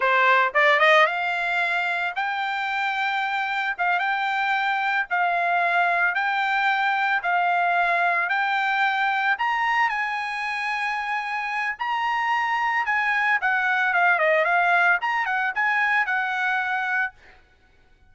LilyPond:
\new Staff \with { instrumentName = "trumpet" } { \time 4/4 \tempo 4 = 112 c''4 d''8 dis''8 f''2 | g''2. f''8 g''8~ | g''4. f''2 g''8~ | g''4. f''2 g''8~ |
g''4. ais''4 gis''4.~ | gis''2 ais''2 | gis''4 fis''4 f''8 dis''8 f''4 | ais''8 fis''8 gis''4 fis''2 | }